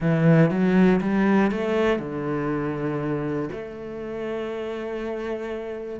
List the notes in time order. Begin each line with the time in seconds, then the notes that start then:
0.00 E3
0.50 F#3
1.01 G3
1.51 A3
1.99 D3
3.52 A3